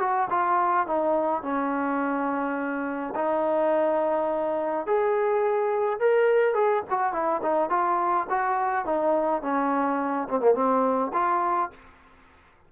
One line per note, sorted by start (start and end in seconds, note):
0.00 0.29 F#4
0.30 0.87 F4
0.87 1.43 D#4
1.43 3.14 C#4
3.16 4.87 D#4
4.87 6.00 G#4
6.00 6.55 A#4
6.55 6.83 G#4
6.91 7.13 F#4
7.13 7.42 E4
7.43 7.70 D#4
7.70 8.27 F4
8.30 8.85 F#4
8.85 9.43 D#4
9.43 10.28 C#4
10.29 10.41 C4
10.41 10.55 A#3
10.55 11.12 C4
11.14 11.71 F4